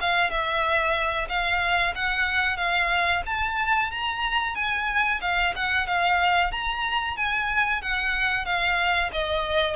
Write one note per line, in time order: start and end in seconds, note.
0.00 0.30 F5
0.30 1.28 E5
1.29 1.94 F5
1.95 2.57 F#5
2.57 3.22 F5
3.25 3.91 A5
3.91 4.55 A#5
4.55 5.20 G#5
5.21 5.54 F5
5.55 5.86 F#5
5.86 6.51 F5
6.51 7.16 A#5
7.16 7.81 G#5
7.81 8.45 F#5
8.45 9.10 F5
9.12 9.76 D#5